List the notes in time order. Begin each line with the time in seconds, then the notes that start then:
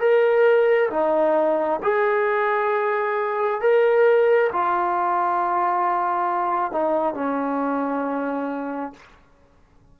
0.00 A#4
0.90 D#4
1.83 G#4
3.61 A#4
4.53 F4
6.72 D#4
7.14 C#4